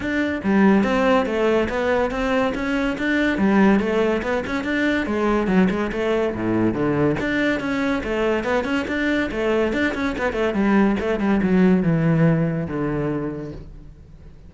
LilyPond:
\new Staff \with { instrumentName = "cello" } { \time 4/4 \tempo 4 = 142 d'4 g4 c'4 a4 | b4 c'4 cis'4 d'4 | g4 a4 b8 cis'8 d'4 | gis4 fis8 gis8 a4 a,4 |
d4 d'4 cis'4 a4 | b8 cis'8 d'4 a4 d'8 cis'8 | b8 a8 g4 a8 g8 fis4 | e2 d2 | }